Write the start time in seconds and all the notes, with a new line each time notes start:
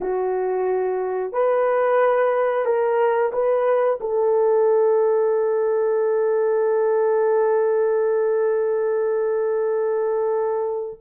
0.00 F#4
1.32 B4
2.65 A#4
3.32 B4
4.00 A4